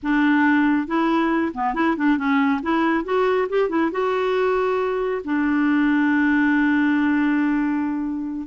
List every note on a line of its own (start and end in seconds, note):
0.02 0.87 D4
0.87 1.52 E4
1.54 1.74 B3
1.74 1.96 E4
1.97 2.17 D4
2.17 2.61 C#4
2.62 3.04 E4
3.04 3.47 F#4
3.49 3.69 G4
3.69 3.91 E4
3.91 5.22 F#4
5.24 8.47 D4